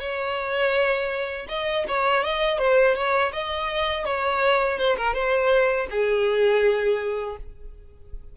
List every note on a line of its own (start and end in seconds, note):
0.00 1.46 C#5
1.48 1.85 D#5
1.88 2.24 C#5
2.24 2.58 D#5
2.58 2.95 C5
2.95 3.32 C#5
3.33 4.05 D#5
4.05 4.78 C#5
4.78 4.96 C5
4.97 5.14 A#4
5.14 5.87 C5
5.90 7.37 G#4